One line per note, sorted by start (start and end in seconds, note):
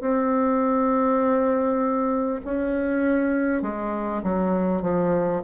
0.00 2.40 C4
2.45 3.62 C#4
3.62 4.22 G#3
4.23 4.82 F#3
4.82 5.42 F3